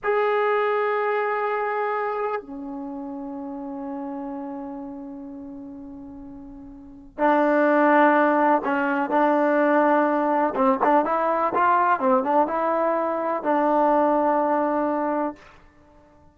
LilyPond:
\new Staff \with { instrumentName = "trombone" } { \time 4/4 \tempo 4 = 125 gis'1~ | gis'4 cis'2.~ | cis'1~ | cis'2. d'4~ |
d'2 cis'4 d'4~ | d'2 c'8 d'8 e'4 | f'4 c'8 d'8 e'2 | d'1 | }